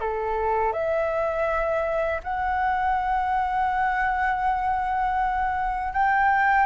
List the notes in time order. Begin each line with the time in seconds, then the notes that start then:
0.00 A4
0.72 E5
2.23 F#5
5.93 G5